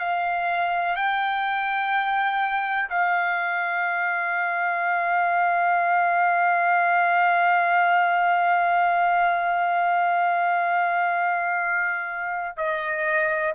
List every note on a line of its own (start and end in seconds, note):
0.00 0.96 F5
0.96 2.90 G5
2.90 12.58 F5
12.58 13.54 D#5